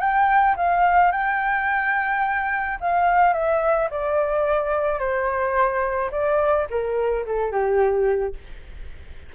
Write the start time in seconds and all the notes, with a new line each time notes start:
0.00 G5
0.57 F5
1.12 G5
2.81 F5
3.33 E5
3.91 D5
4.99 C5
6.12 D5
6.70 A#4
7.26 A4
7.52 G4